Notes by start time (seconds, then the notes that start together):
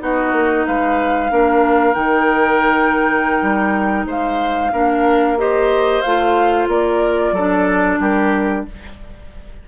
0.00 B3 D#4 F#4 D#5
0.32 A#3
0.67 G#3 B4 F5
1.30 A#3 D4 A#4
1.94 D#3 D#4 G5
3.42 G3
4.06 G#3 C5 F5
4.72 A#3 D4 A#4
5.38 G4 C5 D#5
6.02 A3 F4 F5
6.67 A#3 A#4 D5
7.32 F#3 D4 A4
8.00 G3 G4 A#4